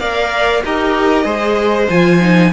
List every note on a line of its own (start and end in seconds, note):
0.00 0.64 A#3
0.00 0.63 A#4
0.00 0.64 D5
0.00 0.63 F5
0.65 1.25 D#4
0.65 1.25 G4
0.65 1.25 A#4
0.65 1.90 D#5
1.25 1.88 G#3
1.25 1.88 G#4
1.25 2.51 C5
1.90 2.53 F3
1.90 2.21 F4
1.90 2.53 G#5
2.21 2.52 D#4